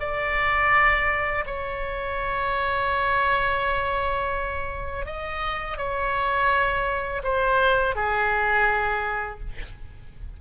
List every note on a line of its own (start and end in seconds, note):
0.00 1.45 D5
1.46 5.06 C#5
5.06 5.78 D#5
5.78 7.22 C#5
7.24 7.96 C5
7.96 9.40 G#4